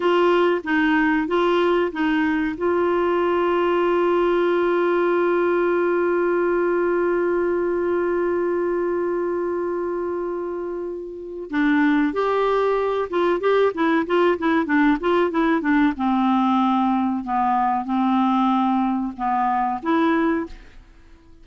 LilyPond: \new Staff \with { instrumentName = "clarinet" } { \time 4/4 \tempo 4 = 94 f'4 dis'4 f'4 dis'4 | f'1~ | f'1~ | f'1~ |
f'2 d'4 g'4~ | g'8 f'8 g'8 e'8 f'8 e'8 d'8 f'8 | e'8 d'8 c'2 b4 | c'2 b4 e'4 | }